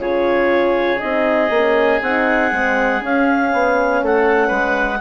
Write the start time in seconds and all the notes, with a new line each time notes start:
0.00 C#3 F4 G#4 C#5
1.00 C4 D#4 D#5
1.50 A#3 C#4
2.02 C4 D#4 F#5
2.52 G#3 C4
3.00 C#4 F5
3.53 B3
4.03 A3 A4 F#5
4.48 G#3 B4